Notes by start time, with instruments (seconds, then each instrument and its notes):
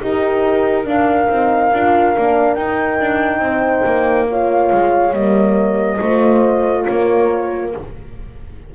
0.00 horn D#4 G4, double bass D#4, flute A#4
0.84 horn D4 A#4, double bass D4, flute F5
1.29 double bass C4, horn D#4
1.73 double bass D4, horn F4
2.16 double bass A#3, horn D4
2.54 double bass D#4, horn D#4, flute G5
3.00 double bass D4
3.39 double bass C4, horn C5
3.85 double bass A#3
4.30 horn F4 C#5, flute F5
4.72 double bass G#3
5.13 double bass G3, horn A#3, flute D#5
6.01 double bass A3, horn F4 C5
6.85 double bass A#3, horn A#4, flute C#5